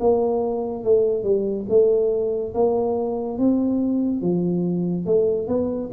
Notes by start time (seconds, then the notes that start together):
0.00 A#3
0.84 A3
1.23 G3
1.69 A3
2.54 A#3
3.38 C4
4.21 F3
5.06 A3
5.47 B3